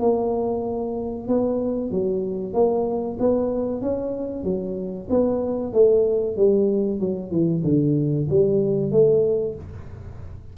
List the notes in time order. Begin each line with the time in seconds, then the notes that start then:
0.00 A#3
1.28 B3
1.91 F#3
2.54 A#3
3.19 B3
3.82 C#4
4.44 F#3
5.10 B3
5.73 A3
6.37 G3
7.00 F#3
7.31 E3
7.64 D3
8.30 G3
8.91 A3